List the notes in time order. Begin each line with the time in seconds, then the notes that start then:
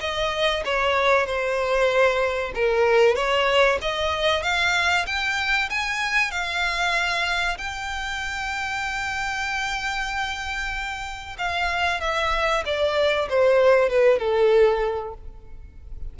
0.00 D#5
0.65 C#5
1.26 C5
2.54 A#4
3.16 C#5
3.81 D#5
4.43 F5
5.06 G5
5.70 G#5
6.31 F5
7.58 G5
11.38 F5
12.01 E5
12.65 D5
13.29 C5
13.89 B4
14.19 A4